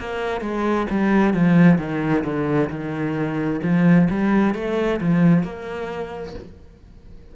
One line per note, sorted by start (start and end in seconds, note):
0.00 0.41 A#3
0.41 0.87 G#3
0.90 1.34 G3
1.34 1.79 F3
1.79 2.24 D#3
2.24 2.70 D3
2.70 3.61 D#3
3.63 4.09 F3
4.10 4.55 G3
4.55 5.00 A3
5.01 5.44 F3
5.44 6.35 A#3